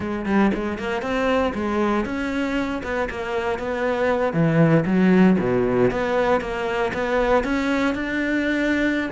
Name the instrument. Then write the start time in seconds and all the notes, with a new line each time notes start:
cello
0.00 G#3
0.25 G3
0.53 G#3
0.78 A#3
1.02 C4
1.54 G#3
2.05 C#4
2.83 B3
3.10 A#3
3.59 B3
4.33 E3
4.85 F#3
5.39 B2
5.91 B3
6.40 A#3
6.93 B3
7.44 C#4
7.94 D4